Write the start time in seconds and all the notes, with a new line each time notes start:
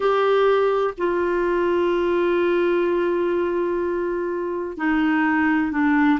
0.00 G4
0.97 F4
4.77 D#4
5.71 D4